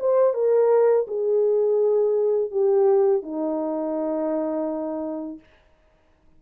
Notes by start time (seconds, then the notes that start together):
0.00 C5
0.34 A#4
1.08 G#4
2.51 G4
3.23 D#4